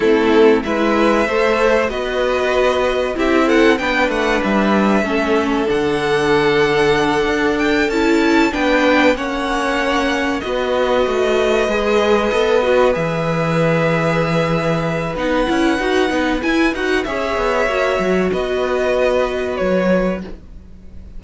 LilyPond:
<<
  \new Staff \with { instrumentName = "violin" } { \time 4/4 \tempo 4 = 95 a'4 e''2 dis''4~ | dis''4 e''8 fis''8 g''8 fis''8 e''4~ | e''4 fis''2. | g''8 a''4 g''4 fis''4.~ |
fis''8 dis''2.~ dis''8~ | dis''8 e''2.~ e''8 | fis''2 gis''8 fis''8 e''4~ | e''4 dis''2 cis''4 | }
  \new Staff \with { instrumentName = "violin" } { \time 4/4 e'4 b'4 c''4 b'4~ | b'4 g'8 a'8 b'2 | a'1~ | a'4. b'4 cis''4.~ |
cis''8 b'2.~ b'8~ | b'1~ | b'2. cis''4~ | cis''4 b'2. | }
  \new Staff \with { instrumentName = "viola" } { \time 4/4 c'4 e'4 a'4 fis'4~ | fis'4 e'4 d'2 | cis'4 d'2.~ | d'8 e'4 d'4 cis'4.~ |
cis'8 fis'2 gis'4 a'8 | fis'8 gis'2.~ gis'8 | dis'8 e'8 fis'8 dis'8 e'8 fis'8 gis'4 | fis'1 | }
  \new Staff \with { instrumentName = "cello" } { \time 4/4 a4 gis4 a4 b4~ | b4 c'4 b8 a8 g4 | a4 d2~ d8 d'8~ | d'8 cis'4 b4 ais4.~ |
ais8 b4 a4 gis4 b8~ | b8 e2.~ e8 | b8 cis'8 dis'8 b8 e'8 dis'8 cis'8 b8 | ais8 fis8 b2 fis4 | }
>>